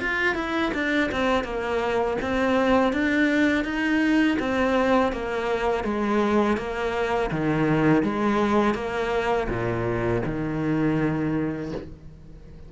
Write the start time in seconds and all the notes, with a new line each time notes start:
0.00 F4
0.35 E4
0.74 D4
1.12 C4
1.44 A#3
2.22 C4
2.93 D4
3.64 D#4
4.39 C4
5.13 A#3
5.84 G#3
6.57 A#3
7.31 D#3
8.03 G#3
8.74 A#3
9.49 A#2
10.25 D#3